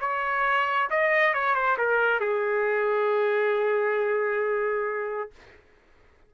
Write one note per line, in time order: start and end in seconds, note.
0.00 0.89 C#5
0.90 1.34 D#5
1.34 1.55 C#5
1.55 1.77 C5
1.78 2.20 A#4
2.20 5.31 G#4